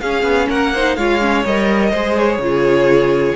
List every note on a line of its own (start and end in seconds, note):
0.00 0.23 C#4
0.00 0.74 C#4
0.00 0.48 G#4
0.00 0.48 F5
0.23 0.47 B3
0.48 0.96 A#3
0.48 0.72 A#4
0.48 0.95 F#5
0.73 0.99 D#4
0.73 0.97 C5
0.95 1.44 G#3
0.95 1.20 F4
0.95 1.90 C#5
0.95 1.43 F5
1.20 1.44 C#4
1.45 1.93 G3
1.45 1.94 A#4
1.45 2.17 D#5
1.90 2.38 G#3
1.90 2.42 G#4
1.90 2.38 C5
2.17 3.36 C#5
2.38 3.33 C#3
2.38 3.36 F4
2.45 3.36 G#4